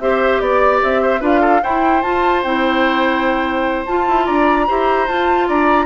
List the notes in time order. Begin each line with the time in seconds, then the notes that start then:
0.00 C4 G4 C5 E5
0.40 B3 D5
0.83 C4 E5
1.02 C5
1.21 D4 F4 B4 F5
1.41 A4
1.63 E4 C5 G5
2.02 F4 A5
2.43 C4 E4 G5
3.86 F4 A5
4.08 E4
4.26 D4 D5 A#5
4.68 E4 G4 C5
5.07 F4 A5
5.48 D4 D5 A#5